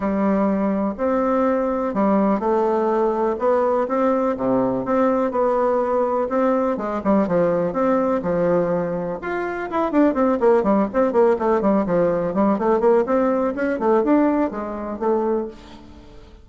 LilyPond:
\new Staff \with { instrumentName = "bassoon" } { \time 4/4 \tempo 4 = 124 g2 c'2 | g4 a2 b4 | c'4 c4 c'4 b4~ | b4 c'4 gis8 g8 f4 |
c'4 f2 f'4 | e'8 d'8 c'8 ais8 g8 c'8 ais8 a8 | g8 f4 g8 a8 ais8 c'4 | cis'8 a8 d'4 gis4 a4 | }